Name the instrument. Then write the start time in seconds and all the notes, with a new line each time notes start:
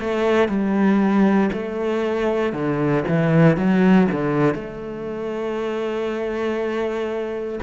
cello
0.00 A3
0.49 G3
1.53 A3
2.52 D3
3.08 E3
3.57 F#3
4.11 D3
4.54 A3